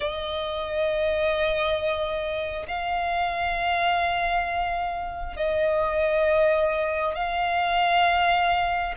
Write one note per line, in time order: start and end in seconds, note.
0.00 2.66 D#5
2.67 5.36 F5
5.36 7.15 D#5
7.15 8.94 F5